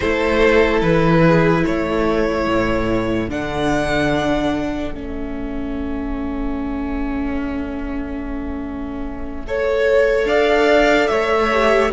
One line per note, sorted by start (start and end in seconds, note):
0.00 0.81 A3
0.00 3.29 E4
0.00 1.23 A4
0.00 0.79 C5
0.81 1.64 E3
0.81 1.64 B4
1.27 1.63 G#4
1.63 2.47 A3
1.63 9.44 A4
1.63 3.30 C#5
2.47 3.28 A2
3.28 4.92 D3
3.28 4.93 D4
3.28 4.94 F#5
4.92 10.25 A3
4.92 9.46 C#4
4.92 10.26 E5
9.47 11.52 A4
9.47 10.28 C#5
10.25 11.07 D4
10.25 11.09 D5
10.25 11.07 F5
11.07 11.92 A3
11.07 11.92 C#5
11.07 11.90 E5
11.53 11.92 G4